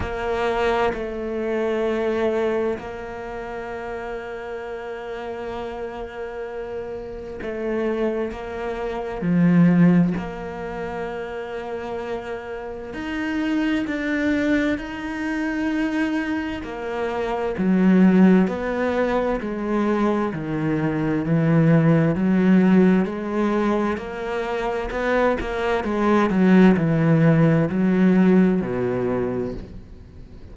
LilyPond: \new Staff \with { instrumentName = "cello" } { \time 4/4 \tempo 4 = 65 ais4 a2 ais4~ | ais1 | a4 ais4 f4 ais4~ | ais2 dis'4 d'4 |
dis'2 ais4 fis4 | b4 gis4 dis4 e4 | fis4 gis4 ais4 b8 ais8 | gis8 fis8 e4 fis4 b,4 | }